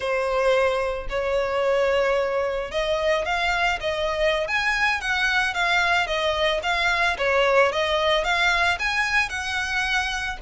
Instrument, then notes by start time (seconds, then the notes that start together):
violin
0.00 C5
1.09 C#5
2.71 D#5
3.25 F5
3.80 D#5
4.47 G#5
5.00 F#5
5.54 F5
6.07 D#5
6.62 F5
7.18 C#5
7.71 D#5
8.24 F5
8.79 G#5
9.29 F#5